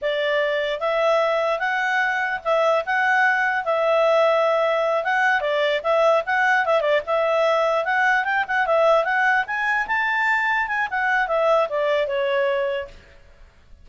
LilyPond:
\new Staff \with { instrumentName = "clarinet" } { \time 4/4 \tempo 4 = 149 d''2 e''2 | fis''2 e''4 fis''4~ | fis''4 e''2.~ | e''8 fis''4 d''4 e''4 fis''8~ |
fis''8 e''8 d''8 e''2 fis''8~ | fis''8 g''8 fis''8 e''4 fis''4 gis''8~ | gis''8 a''2 gis''8 fis''4 | e''4 d''4 cis''2 | }